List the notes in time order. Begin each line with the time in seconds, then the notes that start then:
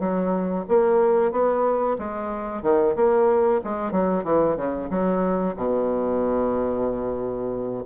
0.00 F#3
0.69 A#3
1.32 B3
1.98 G#3
2.63 D#3
2.96 A#3
3.64 G#3
3.92 F#3
4.24 E3
4.57 C#3
4.90 F#3
5.56 B2